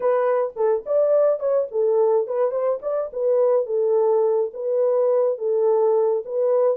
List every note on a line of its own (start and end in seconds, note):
0.00 0.53 B4
0.56 0.84 A4
0.86 1.39 D5
1.39 1.67 C#5
1.71 2.27 A4
2.27 2.51 B4
2.51 2.79 C5
2.81 3.10 D5
3.12 3.66 B4
3.66 4.51 A4
4.53 5.38 B4
5.38 6.23 A4
6.25 6.77 B4